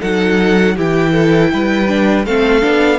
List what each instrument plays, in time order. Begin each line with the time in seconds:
0.00 cello F#3, viola D#4, violin A4 F#5
0.76 cello E3, viola E4, violin G4 G5
1.12 violin A4
1.53 cello G3, violin B4
1.88 viola D4
2.25 cello A3, viola C4, violin A4 F5
2.61 cello B3, viola D4